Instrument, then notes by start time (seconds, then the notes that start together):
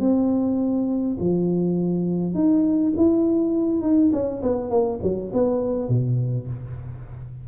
tuba
0.00 C4
1.20 F3
2.35 D#4
2.97 E4
3.82 D#4
4.13 C#4
4.43 B3
4.70 A#3
5.03 F#3
5.33 B3
5.89 B2